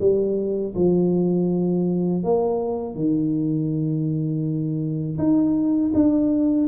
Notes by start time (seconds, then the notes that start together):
0.00 G3
0.75 F3
2.23 A#3
2.95 D#3
5.18 D#4
5.94 D4